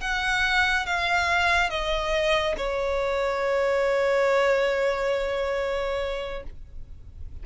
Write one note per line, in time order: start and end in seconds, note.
0.00 0.86 F#5
0.86 1.69 F5
1.69 2.55 D#5
2.57 6.43 C#5